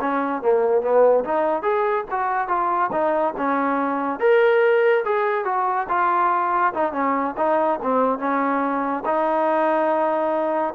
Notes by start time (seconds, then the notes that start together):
0.00 C#4
0.41 A#3
0.81 B3
1.24 D#4
1.62 G#4
2.10 F#4
2.48 F4
2.92 D#4
3.37 C#4
4.19 A#4
5.04 G#4
5.45 F#4
5.88 F4
6.73 D#4
6.92 C#4
7.37 D#4
7.82 C4
8.19 C#4
9.05 D#4